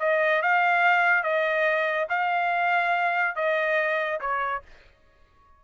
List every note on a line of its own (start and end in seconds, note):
0.00 0.42 D#5
0.42 1.23 F5
1.23 2.08 D#5
2.10 3.36 F5
3.36 4.20 D#5
4.21 4.63 C#5